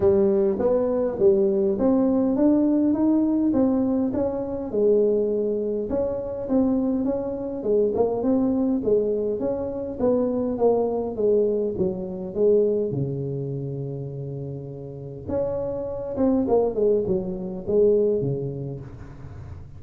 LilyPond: \new Staff \with { instrumentName = "tuba" } { \time 4/4 \tempo 4 = 102 g4 b4 g4 c'4 | d'4 dis'4 c'4 cis'4 | gis2 cis'4 c'4 | cis'4 gis8 ais8 c'4 gis4 |
cis'4 b4 ais4 gis4 | fis4 gis4 cis2~ | cis2 cis'4. c'8 | ais8 gis8 fis4 gis4 cis4 | }